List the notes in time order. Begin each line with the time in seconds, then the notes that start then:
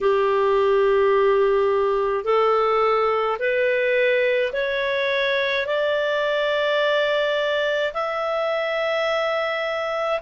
0.00 G4
2.24 A4
3.39 B4
4.53 C#5
5.66 D5
7.93 E5